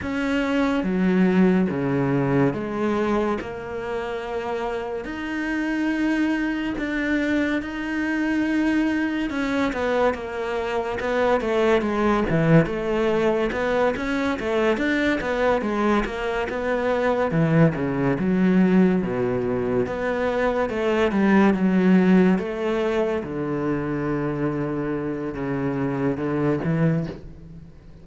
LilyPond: \new Staff \with { instrumentName = "cello" } { \time 4/4 \tempo 4 = 71 cis'4 fis4 cis4 gis4 | ais2 dis'2 | d'4 dis'2 cis'8 b8 | ais4 b8 a8 gis8 e8 a4 |
b8 cis'8 a8 d'8 b8 gis8 ais8 b8~ | b8 e8 cis8 fis4 b,4 b8~ | b8 a8 g8 fis4 a4 d8~ | d2 cis4 d8 e8 | }